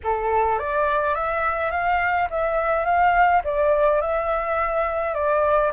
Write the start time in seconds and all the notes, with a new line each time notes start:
0.03 A4
0.59 D5
1.15 E5
1.71 F5
2.29 E5
2.85 F5
3.44 D5
4.01 E5
5.14 D5